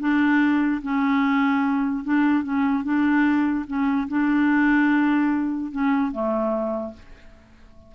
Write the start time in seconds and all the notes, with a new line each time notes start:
0.00 D4
0.82 C#4
2.04 D4
2.44 C#4
2.84 D4
3.67 C#4
4.09 D4
5.71 C#4
6.12 A3